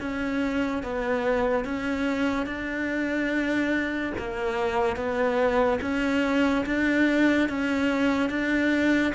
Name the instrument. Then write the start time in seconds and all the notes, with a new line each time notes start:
cello
0.00 C#4
0.83 B3
1.64 C#4
2.46 D4
4.18 A#3
4.96 B3
5.81 C#4
6.66 D4
7.49 C#4
8.30 D4